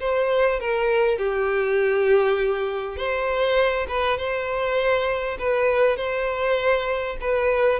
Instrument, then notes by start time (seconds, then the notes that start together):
violin
0.00 C5
0.60 A#4
1.18 G4
2.97 C5
3.88 B4
4.18 C5
5.39 B4
5.97 C5
7.21 B4